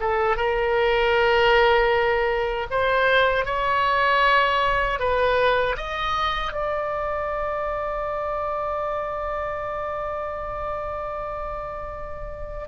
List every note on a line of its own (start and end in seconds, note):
0.00 0.36 A4
0.36 2.67 A#4
2.71 3.45 C5
3.45 4.99 C#5
4.99 5.76 B4
5.77 6.52 D#5
6.52 12.68 D5